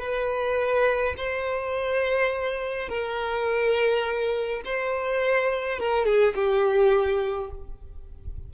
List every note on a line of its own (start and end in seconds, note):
0.00 1.15 B4
1.18 2.89 C5
2.89 4.62 A#4
4.65 5.79 C5
5.79 6.06 A#4
6.06 6.35 G#4
6.35 7.51 G4